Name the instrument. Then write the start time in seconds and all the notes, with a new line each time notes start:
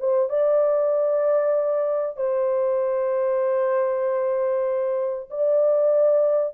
horn
0.00 C5
0.30 D5
2.17 C5
5.30 D5